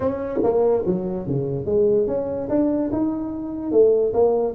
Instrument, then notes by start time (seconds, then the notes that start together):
tuba
0.00 C#4
0.43 A#3
0.85 F#3
1.26 C#3
1.65 G#3
2.07 C#4
2.49 D4
2.92 D#4
3.71 A3
4.13 A#3